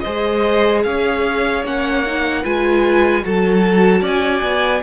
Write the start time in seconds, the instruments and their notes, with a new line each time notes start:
0.00 cello G#3, viola G#4, violin C5 D#5
0.83 cello C#4, violin C#5 F5
1.64 cello A#3, viola C#4, violin F#5
2.06 viola D#4
2.42 cello G#3, viola F4, violin B4 G#5
3.22 cello F#3, viola F#4, violin A4 A5
4.01 cello C#4, violin D5 G#5
4.42 cello B3